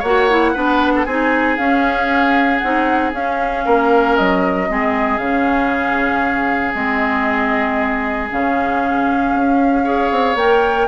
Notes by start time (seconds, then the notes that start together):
0.00 A#3 F#4 C#5 F#5
0.30 E4
0.54 B3 D4 B4
0.95 A4
1.05 C4 D#4 G#4 G#5
1.57 C#4 F5
2.59 C4 D#4 F#5
3.14 C#4 F5
3.65 A#3 A#4
4.17 F#3 D#5
4.68 G#3 C4 G#4
5.18 C#3 C#4 F5
6.74 G#3 C4 D#5
8.30 C#3 C#4 F5
9.34 C#4
9.84 G#4 C#5
10.11 C4
10.36 A#3 A#4 G5